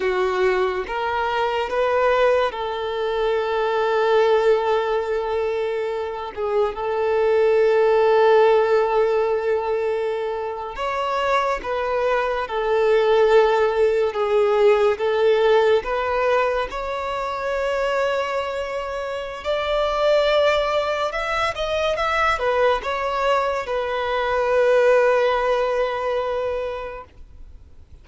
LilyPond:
\new Staff \with { instrumentName = "violin" } { \time 4/4 \tempo 4 = 71 fis'4 ais'4 b'4 a'4~ | a'2.~ a'8 gis'8 | a'1~ | a'8. cis''4 b'4 a'4~ a'16~ |
a'8. gis'4 a'4 b'4 cis''16~ | cis''2. d''4~ | d''4 e''8 dis''8 e''8 b'8 cis''4 | b'1 | }